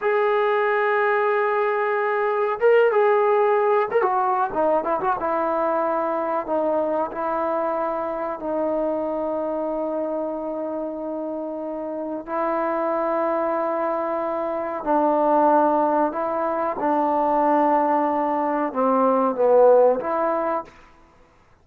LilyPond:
\new Staff \with { instrumentName = "trombone" } { \time 4/4 \tempo 4 = 93 gis'1 | ais'8 gis'4. ais'16 fis'8. dis'8 e'16 fis'16 | e'2 dis'4 e'4~ | e'4 dis'2.~ |
dis'2. e'4~ | e'2. d'4~ | d'4 e'4 d'2~ | d'4 c'4 b4 e'4 | }